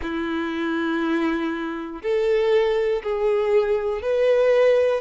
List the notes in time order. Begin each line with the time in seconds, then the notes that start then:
0.02 E4
2.02 A4
3.03 G#4
4.01 B4